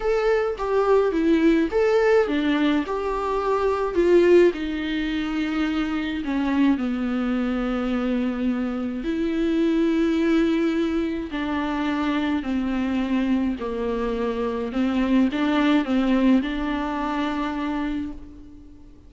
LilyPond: \new Staff \with { instrumentName = "viola" } { \time 4/4 \tempo 4 = 106 a'4 g'4 e'4 a'4 | d'4 g'2 f'4 | dis'2. cis'4 | b1 |
e'1 | d'2 c'2 | ais2 c'4 d'4 | c'4 d'2. | }